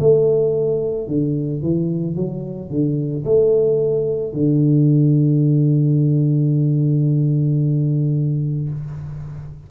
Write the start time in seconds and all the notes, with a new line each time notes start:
0.00 A3
1.08 D3
1.63 E3
2.16 F#3
2.70 D3
3.25 A3
4.33 D3